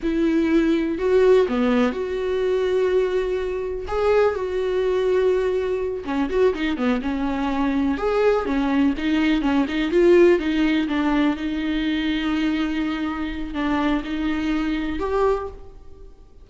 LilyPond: \new Staff \with { instrumentName = "viola" } { \time 4/4 \tempo 4 = 124 e'2 fis'4 b4 | fis'1 | gis'4 fis'2.~ | fis'8 cis'8 fis'8 dis'8 b8 cis'4.~ |
cis'8 gis'4 cis'4 dis'4 cis'8 | dis'8 f'4 dis'4 d'4 dis'8~ | dis'1 | d'4 dis'2 g'4 | }